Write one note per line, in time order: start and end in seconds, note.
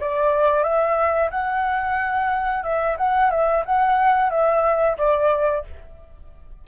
0.00 0.63 D5
0.63 1.30 E5
1.30 2.63 F#5
2.63 2.96 E5
2.97 3.31 F#5
3.31 3.64 E5
3.65 4.30 F#5
4.30 4.97 E5
4.98 5.64 D5